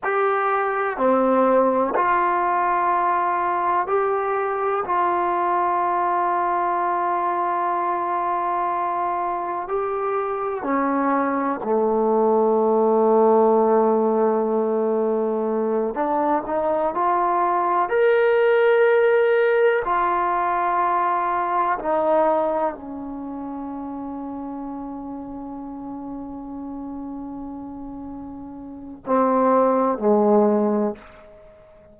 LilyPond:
\new Staff \with { instrumentName = "trombone" } { \time 4/4 \tempo 4 = 62 g'4 c'4 f'2 | g'4 f'2.~ | f'2 g'4 cis'4 | a1~ |
a8 d'8 dis'8 f'4 ais'4.~ | ais'8 f'2 dis'4 cis'8~ | cis'1~ | cis'2 c'4 gis4 | }